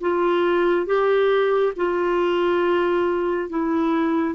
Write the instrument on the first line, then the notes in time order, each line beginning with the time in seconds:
clarinet
0.00 F4
0.86 G4
1.76 F4
3.49 E4